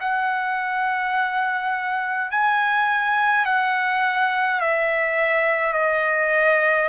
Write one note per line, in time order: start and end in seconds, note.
0.00 2.30 F#5
2.30 3.45 G#5
3.45 4.60 F#5
4.60 5.73 E5
5.73 6.88 D#5